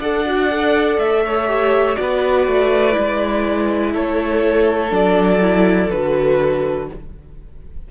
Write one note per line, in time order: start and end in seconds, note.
0.00 0.98 D4
0.00 0.26 A4
0.00 1.23 D5
0.00 1.00 F#5
0.26 0.51 F#4
0.51 1.48 A4
0.98 1.97 A3
0.98 1.96 E5
1.26 2.00 C#5
1.48 1.95 G4
1.95 2.48 B3
1.95 2.92 F#4
1.95 3.93 D5
2.02 3.93 B4
2.48 2.97 A3
2.92 4.89 E4
2.98 3.95 G#3
3.93 4.92 A3
3.93 6.88 A4
3.93 4.94 C#5
4.90 5.90 F#3
4.90 5.40 D4
4.90 5.91 D5
5.41 5.90 E4
5.91 6.89 D3
5.91 6.91 F#4
5.91 6.89 B4